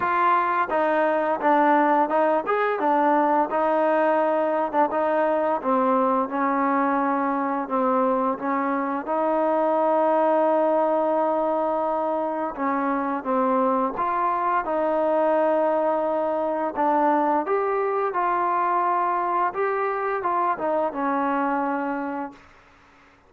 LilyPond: \new Staff \with { instrumentName = "trombone" } { \time 4/4 \tempo 4 = 86 f'4 dis'4 d'4 dis'8 gis'8 | d'4 dis'4.~ dis'16 d'16 dis'4 | c'4 cis'2 c'4 | cis'4 dis'2.~ |
dis'2 cis'4 c'4 | f'4 dis'2. | d'4 g'4 f'2 | g'4 f'8 dis'8 cis'2 | }